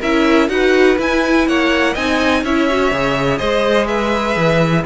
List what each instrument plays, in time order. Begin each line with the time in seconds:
0.00 cello C#4, viola E4, violin A#4 E5
0.49 cello D#4, viola F#4, violin B4 F#5
0.98 viola E4, cello E4, violin G#5
1.48 cello A#3, violin C#5 F#5
1.93 cello C4, viola D#4, violin D#5 G#5
2.44 cello C#4, viola E4, violin C#5 E5
2.70 viola F#4
2.91 cello C#3, viola G#4
3.39 cello G#3, violin C5 D#5
3.87 violin B4 E5
4.37 cello E3